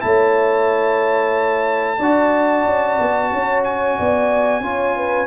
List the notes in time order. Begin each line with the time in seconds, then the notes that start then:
0.00 A3 E4 C#5 A5
1.98 D4 F#4 D5
2.66 C#4
3.00 B3
3.32 C#4 C#5
3.65 G#5
3.98 B3 D5
4.61 C#4 F4 C#5
4.97 B4